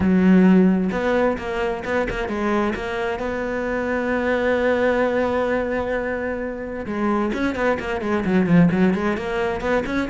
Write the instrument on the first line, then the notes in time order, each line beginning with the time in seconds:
cello
0.00 F#3
0.91 B3
1.37 A#3
1.84 B3
2.09 A#3
2.28 G#3
2.75 A#3
3.19 B3
6.86 G#3
7.33 C#4
7.55 B3
7.79 A#3
8.01 G#3
8.25 F#3
8.46 F3
8.71 F#3
8.94 G#3
9.17 A#3
9.61 B3
9.85 C#4